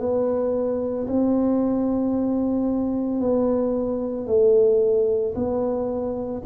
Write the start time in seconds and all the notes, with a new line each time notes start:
0.00 B3
1.07 C4
3.20 B3
4.27 A3
5.35 B3